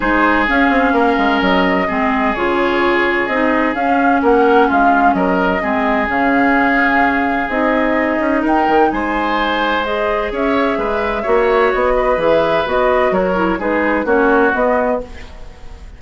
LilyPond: <<
  \new Staff \with { instrumentName = "flute" } { \time 4/4 \tempo 4 = 128 c''4 f''2 dis''4~ | dis''4 cis''2 dis''4 | f''4 fis''4 f''4 dis''4~ | dis''4 f''2. |
dis''2 g''4 gis''4~ | gis''4 dis''4 e''2~ | e''4 dis''4 e''4 dis''4 | cis''4 b'4 cis''4 dis''4 | }
  \new Staff \with { instrumentName = "oboe" } { \time 4/4 gis'2 ais'2 | gis'1~ | gis'4 ais'4 f'4 ais'4 | gis'1~ |
gis'2 ais'4 c''4~ | c''2 cis''4 b'4 | cis''4. b'2~ b'8 | ais'4 gis'4 fis'2 | }
  \new Staff \with { instrumentName = "clarinet" } { \time 4/4 dis'4 cis'2. | c'4 f'2 dis'4 | cis'1 | c'4 cis'2. |
dis'1~ | dis'4 gis'2. | fis'2 gis'4 fis'4~ | fis'8 e'8 dis'4 cis'4 b4 | }
  \new Staff \with { instrumentName = "bassoon" } { \time 4/4 gis4 cis'8 c'8 ais8 gis8 fis4 | gis4 cis2 c'4 | cis'4 ais4 gis4 fis4 | gis4 cis2. |
c'4. cis'8 dis'8 dis8 gis4~ | gis2 cis'4 gis4 | ais4 b4 e4 b4 | fis4 gis4 ais4 b4 | }
>>